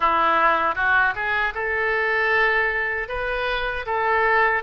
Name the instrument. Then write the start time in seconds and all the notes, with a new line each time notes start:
oboe
0.00 E4
0.75 F#4
1.15 G#4
1.54 A4
3.08 B4
3.86 A4